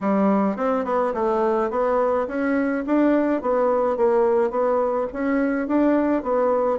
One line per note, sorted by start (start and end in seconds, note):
0.00 0.56 G3
0.56 0.84 C4
0.84 1.13 B3
1.14 1.70 A3
1.70 2.27 B3
2.27 2.84 C#4
2.86 3.41 D4
3.41 3.96 B3
3.96 4.50 A#3
4.50 5.07 B3
5.12 5.67 C#4
5.67 6.22 D4
6.22 6.78 B3